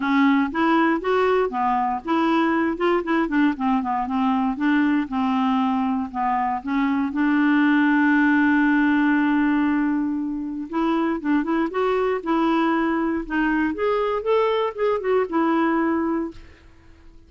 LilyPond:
\new Staff \with { instrumentName = "clarinet" } { \time 4/4 \tempo 4 = 118 cis'4 e'4 fis'4 b4 | e'4. f'8 e'8 d'8 c'8 b8 | c'4 d'4 c'2 | b4 cis'4 d'2~ |
d'1~ | d'4 e'4 d'8 e'8 fis'4 | e'2 dis'4 gis'4 | a'4 gis'8 fis'8 e'2 | }